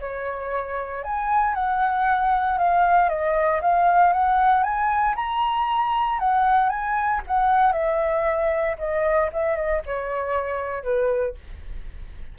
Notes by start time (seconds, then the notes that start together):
0.00 C#5
1.03 G#5
1.55 F#5
2.58 F5
3.09 D#5
3.62 F5
4.13 F#5
4.63 G#5
5.16 A#5
6.19 F#5
6.69 G#5
7.27 F#5
7.73 E5
8.79 D#5
9.33 E5
9.56 D#5
9.86 C#5
10.83 B4